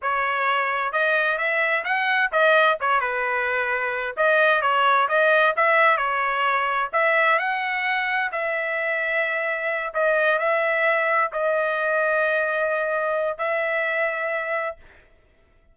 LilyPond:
\new Staff \with { instrumentName = "trumpet" } { \time 4/4 \tempo 4 = 130 cis''2 dis''4 e''4 | fis''4 dis''4 cis''8 b'4.~ | b'4 dis''4 cis''4 dis''4 | e''4 cis''2 e''4 |
fis''2 e''2~ | e''4. dis''4 e''4.~ | e''8 dis''2.~ dis''8~ | dis''4 e''2. | }